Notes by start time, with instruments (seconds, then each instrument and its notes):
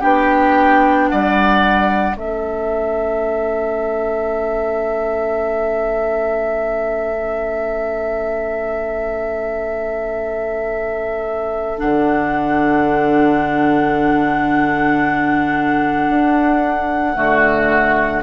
0.00 bassoon B3, clarinet D4, oboe G4, flute G5
1.09 bassoon G3, oboe D5, flute F#5
2.15 bassoon A3, clarinet C#4, oboe A4, flute E5
11.78 bassoon D3, clarinet D4, flute F#5
16.09 bassoon D4
17.15 bassoon D3, clarinet A3, oboe F#4